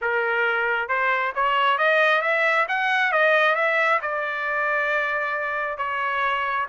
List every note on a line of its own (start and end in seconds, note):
0.01 0.88 A#4
0.88 1.32 C5
1.35 1.78 C#5
1.78 2.21 D#5
2.21 2.66 E5
2.68 3.12 F#5
3.12 3.55 D#5
3.55 3.99 E5
4.01 5.77 D5
5.77 6.66 C#5